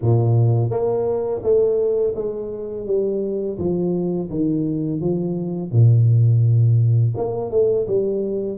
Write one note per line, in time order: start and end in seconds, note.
0.01 0.70 A#2
0.70 1.41 A#3
1.42 2.14 A3
2.15 2.86 G#3
2.86 3.57 G3
3.58 4.29 F3
4.30 5.00 D#3
5.00 5.71 F3
5.71 7.14 A#2
7.16 7.51 A#3
7.51 7.86 A3
7.87 8.57 G3